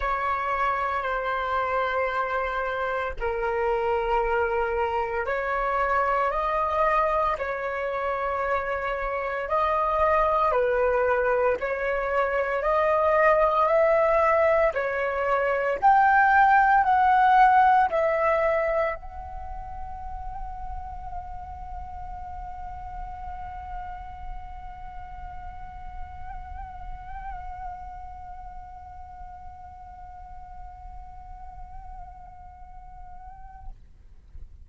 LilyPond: \new Staff \with { instrumentName = "flute" } { \time 4/4 \tempo 4 = 57 cis''4 c''2 ais'4~ | ais'4 cis''4 dis''4 cis''4~ | cis''4 dis''4 b'4 cis''4 | dis''4 e''4 cis''4 g''4 |
fis''4 e''4 fis''2~ | fis''1~ | fis''1~ | fis''1 | }